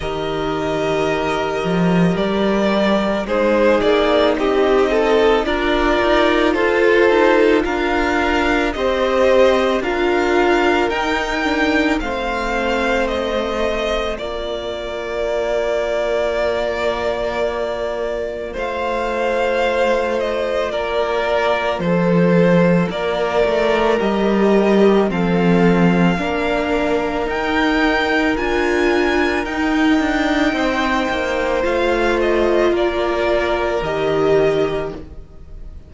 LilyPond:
<<
  \new Staff \with { instrumentName = "violin" } { \time 4/4 \tempo 4 = 55 dis''2 d''4 c''8 d''8 | dis''4 d''4 c''4 f''4 | dis''4 f''4 g''4 f''4 | dis''4 d''2.~ |
d''4 f''4. dis''8 d''4 | c''4 d''4 dis''4 f''4~ | f''4 g''4 gis''4 g''4~ | g''4 f''8 dis''8 d''4 dis''4 | }
  \new Staff \with { instrumentName = "violin" } { \time 4/4 ais'2. gis'4 | g'8 a'8 ais'4 a'4 ais'4 | c''4 ais'2 c''4~ | c''4 ais'2.~ |
ais'4 c''2 ais'4 | a'4 ais'2 a'4 | ais'1 | c''2 ais'2 | }
  \new Staff \with { instrumentName = "viola" } { \time 4/4 g'2. dis'4~ | dis'4 f'2. | g'4 f'4 dis'8 d'8 c'4~ | c'4 f'2.~ |
f'1~ | f'2 g'4 c'4 | d'4 dis'4 f'4 dis'4~ | dis'4 f'2 g'4 | }
  \new Staff \with { instrumentName = "cello" } { \time 4/4 dis4. f8 g4 gis8 ais8 | c'4 d'8 dis'8 f'8 dis'8 d'4 | c'4 d'4 dis'4 a4~ | a4 ais2.~ |
ais4 a2 ais4 | f4 ais8 a8 g4 f4 | ais4 dis'4 d'4 dis'8 d'8 | c'8 ais8 a4 ais4 dis4 | }
>>